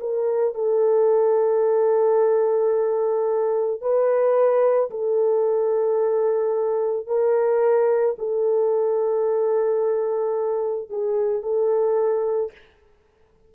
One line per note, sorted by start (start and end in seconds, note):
0.00 0.55 A#4
0.55 3.81 A4
3.81 4.90 B4
4.90 7.07 A4
7.07 8.16 A#4
8.19 10.90 A4
10.90 11.42 G#4
11.42 12.52 A4